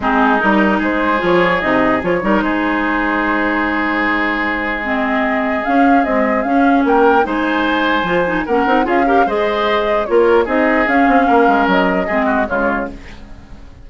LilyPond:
<<
  \new Staff \with { instrumentName = "flute" } { \time 4/4 \tempo 4 = 149 gis'4 ais'4 c''4 cis''4 | dis''4 cis''4 c''2~ | c''1 | dis''2 f''4 dis''4 |
f''4 g''4 gis''2~ | gis''4 fis''4 f''4 dis''4~ | dis''4 cis''4 dis''4 f''4~ | f''4 dis''2 cis''4 | }
  \new Staff \with { instrumentName = "oboe" } { \time 4/4 dis'2 gis'2~ | gis'4. ais'8 gis'2~ | gis'1~ | gis'1~ |
gis'4 ais'4 c''2~ | c''4 ais'4 gis'8 ais'8 c''4~ | c''4 ais'4 gis'2 | ais'2 gis'8 fis'8 f'4 | }
  \new Staff \with { instrumentName = "clarinet" } { \time 4/4 c'4 dis'2 f'4 | dis'4 f'8 dis'2~ dis'8~ | dis'1 | c'2 cis'4 gis4 |
cis'2 dis'2 | f'8 dis'8 cis'8 dis'8 f'8 g'8 gis'4~ | gis'4 f'4 dis'4 cis'4~ | cis'2 c'4 gis4 | }
  \new Staff \with { instrumentName = "bassoon" } { \time 4/4 gis4 g4 gis4 f4 | c4 f8 g8 gis2~ | gis1~ | gis2 cis'4 c'4 |
cis'4 ais4 gis2 | f4 ais8 c'8 cis'4 gis4~ | gis4 ais4 c'4 cis'8 c'8 | ais8 gis8 fis4 gis4 cis4 | }
>>